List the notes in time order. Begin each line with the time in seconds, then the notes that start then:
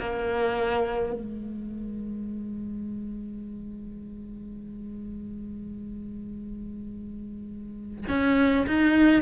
0.00 A#3
1.13 G#3
8.08 C#4
8.66 D#4